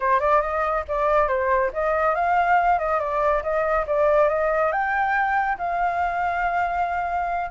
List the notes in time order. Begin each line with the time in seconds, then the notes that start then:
0.00 C5
0.20 D5
0.41 D#5
0.88 D5
1.28 C5
1.73 D#5
2.14 F5
2.78 D#5
2.99 D5
3.42 D#5
3.86 D5
4.29 D#5
4.71 G5
5.58 F5